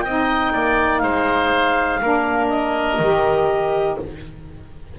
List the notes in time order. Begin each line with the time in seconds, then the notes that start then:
0.00 C4 D#4 D#5 G5
0.52 A#3 D5
0.98 G#3 C5 F5
2.01 A#3 D4 A#4
2.49 D#5
2.99 D#3 G4